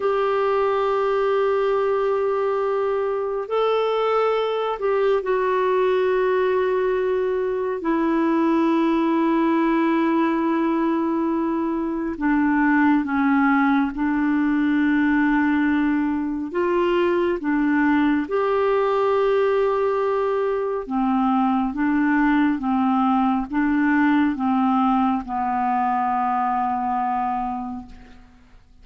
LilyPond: \new Staff \with { instrumentName = "clarinet" } { \time 4/4 \tempo 4 = 69 g'1 | a'4. g'8 fis'2~ | fis'4 e'2.~ | e'2 d'4 cis'4 |
d'2. f'4 | d'4 g'2. | c'4 d'4 c'4 d'4 | c'4 b2. | }